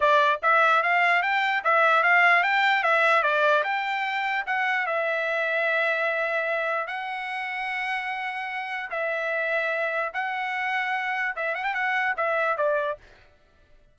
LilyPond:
\new Staff \with { instrumentName = "trumpet" } { \time 4/4 \tempo 4 = 148 d''4 e''4 f''4 g''4 | e''4 f''4 g''4 e''4 | d''4 g''2 fis''4 | e''1~ |
e''4 fis''2.~ | fis''2 e''2~ | e''4 fis''2. | e''8 fis''16 g''16 fis''4 e''4 d''4 | }